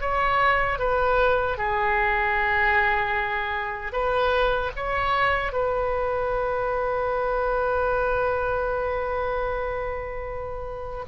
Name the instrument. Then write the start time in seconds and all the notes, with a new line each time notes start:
oboe
0.00 C#5
0.79 B4
1.58 G#4
3.92 B4
4.76 C#5
5.52 B4